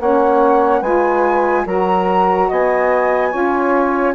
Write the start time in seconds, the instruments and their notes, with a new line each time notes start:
0.00 bassoon A#3, saxophone C#4 C#5, flute F#5
0.80 bassoon G#3, saxophone F4 B4, flute G#5
1.65 bassoon F#3, saxophone F#4 A#4, flute A#5
2.48 bassoon B3, saxophone D#5, flute G#5
3.31 bassoon C#4, saxophone F4 C#5